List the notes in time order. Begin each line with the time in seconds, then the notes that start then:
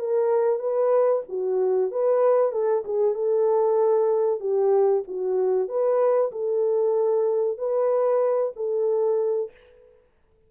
0.00 A#4
0.59 B4
1.29 F#4
1.91 B4
2.52 A4
2.85 G#4
3.15 A4
4.40 G4
5.08 F#4
5.68 B4
6.32 A4
7.58 B4
8.56 A4